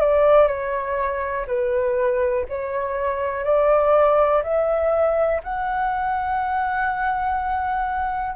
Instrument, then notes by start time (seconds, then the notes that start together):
flute
0.00 D5
0.47 C#5
1.47 B4
2.49 C#5
3.44 D5
4.43 E5
5.43 F#5